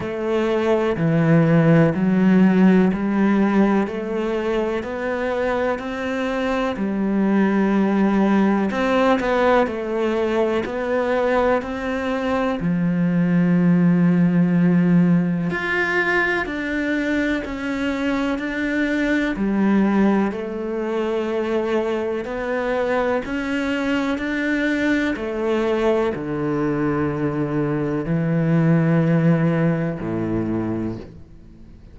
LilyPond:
\new Staff \with { instrumentName = "cello" } { \time 4/4 \tempo 4 = 62 a4 e4 fis4 g4 | a4 b4 c'4 g4~ | g4 c'8 b8 a4 b4 | c'4 f2. |
f'4 d'4 cis'4 d'4 | g4 a2 b4 | cis'4 d'4 a4 d4~ | d4 e2 a,4 | }